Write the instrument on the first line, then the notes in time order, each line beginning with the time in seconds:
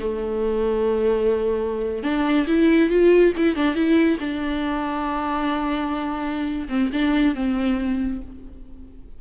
viola
0.00 A3
2.04 D4
2.48 E4
2.90 F4
3.37 E4
3.56 D4
3.76 E4
4.20 D4
6.69 C4
6.93 D4
7.35 C4